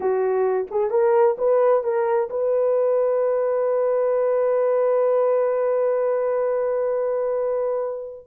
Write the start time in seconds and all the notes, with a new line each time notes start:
0.00 F#4
0.70 G#4
0.90 A#4
1.38 B4
1.83 A#4
2.30 B4